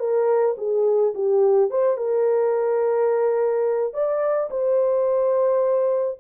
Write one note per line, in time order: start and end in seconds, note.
0.00 0.56 A#4
0.58 1.14 G#4
1.15 1.71 G4
1.71 1.98 C5
1.98 3.94 A#4
3.94 4.50 D5
4.51 6.19 C5